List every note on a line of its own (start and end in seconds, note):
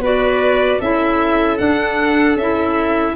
0.00 0.79 B3
0.00 0.82 F#4
0.00 0.79 B4
0.00 0.81 D5
0.79 1.60 C#4
0.79 1.58 E4
0.79 3.16 A4
0.79 1.58 E5
1.58 2.37 D4
1.58 2.36 D4
1.58 2.37 F#5
2.36 3.14 C#4
2.36 3.16 E4
2.36 3.16 E5